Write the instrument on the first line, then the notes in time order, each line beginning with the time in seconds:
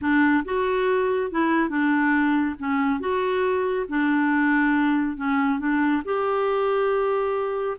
clarinet
0.01 D4
0.45 F#4
1.31 E4
1.69 D4
2.58 C#4
3.00 F#4
3.88 D4
5.16 C#4
5.59 D4
6.04 G4